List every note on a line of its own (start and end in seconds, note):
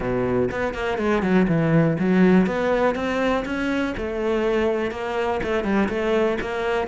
0.00 0.49 B2
0.51 0.74 B3
0.74 0.98 A#3
0.98 1.22 G#3
1.22 1.46 F#3
1.48 1.97 E3
1.99 2.46 F#3
2.46 2.95 B3
2.95 3.44 C4
3.45 3.94 C#4
3.97 4.91 A3
4.91 5.40 A#3
5.43 5.64 A3
5.64 5.88 G3
5.88 6.37 A3
6.41 6.87 A#3